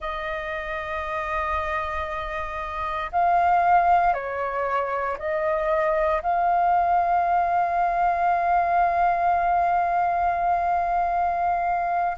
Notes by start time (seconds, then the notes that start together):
0.00 D#5
3.11 F5
4.13 C#5
5.18 D#5
6.22 F5